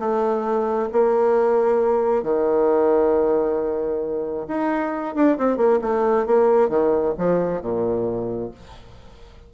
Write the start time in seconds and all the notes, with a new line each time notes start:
0.00 A3
0.93 A#3
2.23 D#3
4.48 D#4
5.15 D4
5.38 C4
5.58 A#3
5.82 A3
6.27 A#3
6.69 D#3
7.18 F3
7.62 A#2